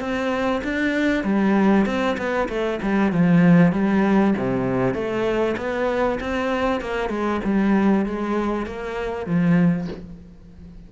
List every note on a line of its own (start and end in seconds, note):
0.00 0.62 C4
0.64 1.24 D4
1.24 1.86 G3
1.86 2.17 C4
2.18 2.49 B3
2.49 2.80 A3
2.83 3.12 G3
3.12 3.73 F3
3.73 4.34 G3
4.38 4.95 C3
4.95 5.56 A3
5.58 6.19 B3
6.21 6.82 C4
6.82 7.10 A#3
7.10 7.41 G#3
7.44 8.06 G3
8.06 8.67 G#3
8.67 9.26 A#3
9.26 9.88 F3